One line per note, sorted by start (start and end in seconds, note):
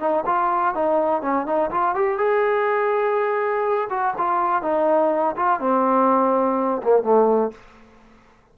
0.00 0.24 D#4
0.26 0.75 F4
0.75 1.22 D#4
1.22 1.46 C#4
1.46 1.71 D#4
1.71 1.95 F4
1.95 2.18 G4
2.18 3.89 G#4
3.90 4.14 F#4
4.18 4.63 F4
4.63 5.36 D#4
5.36 5.60 F4
5.60 6.82 C4
6.83 7.03 A#3
7.03 7.52 A3